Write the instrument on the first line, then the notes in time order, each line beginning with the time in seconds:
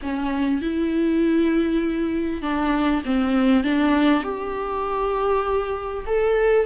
viola
0.02 C#4
0.61 E4
2.41 D4
3.05 C4
3.64 D4
4.23 G4
6.06 A4